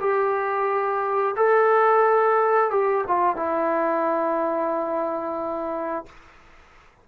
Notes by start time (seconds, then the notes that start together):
0.00 G4
1.36 A4
2.71 G4
3.07 F4
3.36 E4